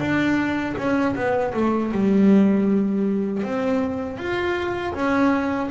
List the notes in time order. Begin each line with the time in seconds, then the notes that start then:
0.00 D4
0.77 C#4
1.16 B3
1.54 A3
1.92 G3
3.43 C4
4.17 F4
4.94 C#4